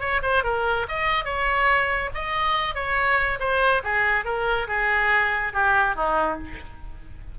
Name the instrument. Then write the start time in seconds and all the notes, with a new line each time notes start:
oboe
0.00 C#5
0.23 C5
0.44 A#4
0.89 D#5
1.25 C#5
2.15 D#5
2.75 C#5
3.40 C5
3.84 G#4
4.25 A#4
4.68 G#4
5.53 G4
5.96 D#4